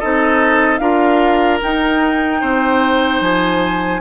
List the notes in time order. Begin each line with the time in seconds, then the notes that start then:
0.00 C4 D#4 A4 D#5
0.78 D4 F4 A#4 F5
1.61 D#4 G5
2.41 C4 C5
3.21 F3 G#5